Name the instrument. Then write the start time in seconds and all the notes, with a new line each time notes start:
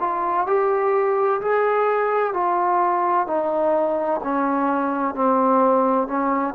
trombone
0.00 F4
0.47 G4
1.41 G#4
2.34 F4
3.27 D#4
4.24 C#4
5.15 C4
6.08 C#4